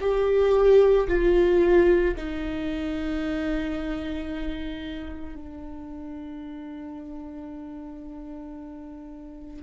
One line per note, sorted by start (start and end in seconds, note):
0.00 1.07 G4
1.08 2.15 F4
2.17 5.36 D#4
5.36 9.63 D4